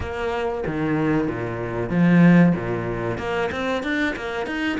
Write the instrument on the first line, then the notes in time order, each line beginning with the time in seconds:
cello
0.00 A#3
0.66 D#3
1.27 A#2
1.89 F3
2.55 A#2
3.18 A#3
3.51 C4
3.83 D4
4.15 A#3
4.46 D#4